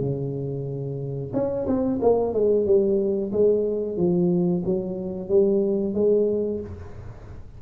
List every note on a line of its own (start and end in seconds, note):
0.00 1.32 C#3
1.33 1.66 C#4
1.66 1.99 C4
2.01 2.33 A#3
2.33 2.66 G#3
2.66 3.32 G3
3.32 3.97 G#3
3.97 4.63 F3
4.65 5.29 F#3
5.29 5.94 G3
5.94 6.60 G#3